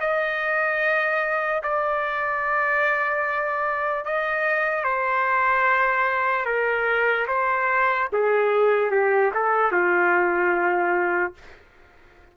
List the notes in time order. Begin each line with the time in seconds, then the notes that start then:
0.00 D#5
1.63 D5
4.05 D#5
4.83 C5
6.45 A#4
7.27 C5
8.12 G#4
8.90 G4
9.34 A4
9.71 F4